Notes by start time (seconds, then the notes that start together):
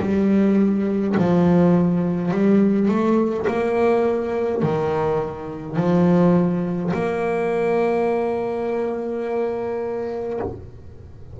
0.00 G3
1.17 F3
2.31 G3
2.88 A3
3.47 A#3
4.62 D#3
5.76 F3
6.93 A#3